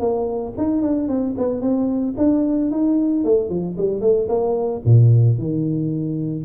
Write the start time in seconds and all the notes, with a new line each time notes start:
0.00 A#3
0.58 D#4
0.82 D4
1.08 C4
1.38 B3
1.61 C4
2.18 D4
2.71 D#4
3.25 A3
3.50 F3
3.78 G3
4.01 A3
4.29 A#3
4.85 A#2
5.38 D#3